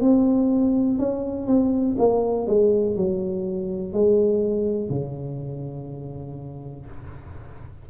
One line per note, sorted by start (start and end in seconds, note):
0.00 0.98 C4
0.98 1.47 C#4
1.47 1.96 C4
1.98 2.46 A#3
2.46 2.96 G#3
2.96 3.93 F#3
3.93 4.89 G#3
4.89 6.86 C#3